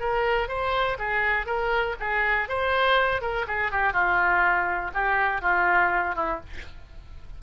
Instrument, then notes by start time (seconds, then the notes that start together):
oboe
0.00 A#4
0.48 C5
0.99 G#4
1.46 A#4
2.00 G#4
2.48 C5
3.21 A#4
3.47 G#4
3.71 G4
3.93 F4
4.94 G4
5.41 F4
6.15 E4